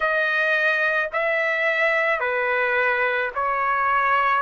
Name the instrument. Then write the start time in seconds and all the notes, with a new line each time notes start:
trumpet
0.00 D#5
1.12 E5
2.20 B4
3.34 C#5